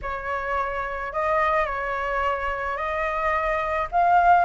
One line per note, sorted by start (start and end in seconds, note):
0.02 1.12 C#5
1.12 1.65 D#5
1.65 2.76 C#5
2.76 3.87 D#5
3.91 4.45 F5